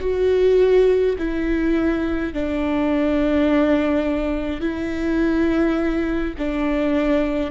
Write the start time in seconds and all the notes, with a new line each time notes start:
0.00 F#4
1.18 E4
2.33 D4
4.60 E4
6.38 D4